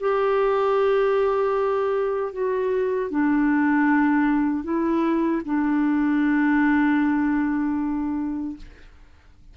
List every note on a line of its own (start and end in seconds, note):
0.00 2.33 G4
2.33 3.11 F#4
3.11 4.64 D4
4.64 5.42 E4
5.45 8.57 D4